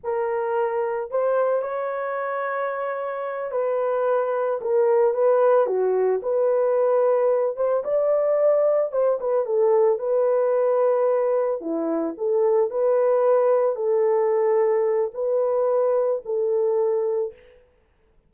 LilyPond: \new Staff \with { instrumentName = "horn" } { \time 4/4 \tempo 4 = 111 ais'2 c''4 cis''4~ | cis''2~ cis''8 b'4.~ | b'8 ais'4 b'4 fis'4 b'8~ | b'2 c''8 d''4.~ |
d''8 c''8 b'8 a'4 b'4.~ | b'4. e'4 a'4 b'8~ | b'4. a'2~ a'8 | b'2 a'2 | }